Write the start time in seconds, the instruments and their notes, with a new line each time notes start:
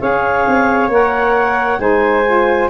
0.00 tuba C#4, saxophone G#4, flute C#5, clarinet F5
0.47 tuba C4
0.88 tuba A#3, saxophone A#4, clarinet F#5
1.78 tuba G#3, saxophone D#4, flute C5, clarinet G#5
2.26 saxophone F4